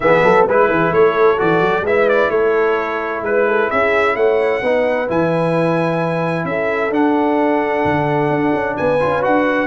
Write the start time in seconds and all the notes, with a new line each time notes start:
0.00 E3 B3 G#4 E5
0.23 F#3 A4
0.46 G#3 E4 B4
0.68 E3 G#4
0.91 A3 A4 C#5
1.37 E3 F#4 D5
1.61 F#3
1.81 G#3 E4 B4 E5
2.08 D5
2.30 A3 A4 C#5
3.21 G#3 B4
3.47 A4
3.68 C#4 G#4 E5
4.15 A3 C#5 F#5
4.61 B3 D#4 B4
5.08 E3 E4 G#5
6.44 C#4 A4 E5
6.90 D4 F#5
7.85 D3
8.29 D4
8.53 C#4
8.76 B3 B4 G#5
8.99 C#4 F4
9.21 D4 F#4 F#5